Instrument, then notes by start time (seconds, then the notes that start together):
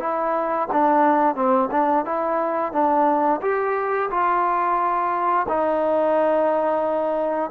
trombone
0.00 E4
0.72 D4
1.35 C4
1.71 D4
2.05 E4
2.72 D4
3.42 G4
4.10 F4
5.49 D#4